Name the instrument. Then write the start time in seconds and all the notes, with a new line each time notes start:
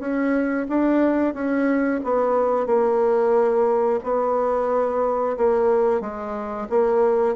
bassoon
0.00 C#4
0.69 D4
1.34 C#4
2.04 B3
2.67 A#3
4.04 B3
5.38 A#3
6.01 G#3
6.70 A#3